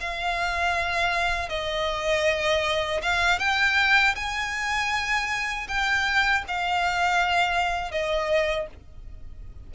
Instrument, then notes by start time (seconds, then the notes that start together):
violin
0.00 F5
1.49 D#5
3.02 F5
3.39 G5
4.15 G#5
5.68 G5
6.48 F5
7.91 D#5